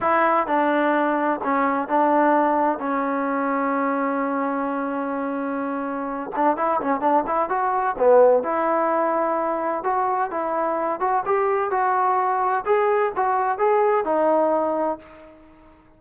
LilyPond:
\new Staff \with { instrumentName = "trombone" } { \time 4/4 \tempo 4 = 128 e'4 d'2 cis'4 | d'2 cis'2~ | cis'1~ | cis'4. d'8 e'8 cis'8 d'8 e'8 |
fis'4 b4 e'2~ | e'4 fis'4 e'4. fis'8 | g'4 fis'2 gis'4 | fis'4 gis'4 dis'2 | }